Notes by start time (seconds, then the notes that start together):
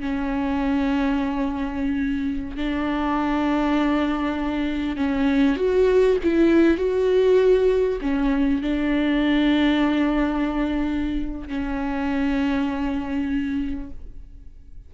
0.00 C#4
2.56 D4
4.96 C#4
5.56 F#4
6.23 E4
6.77 F#4
8.01 C#4
8.61 D4
11.47 C#4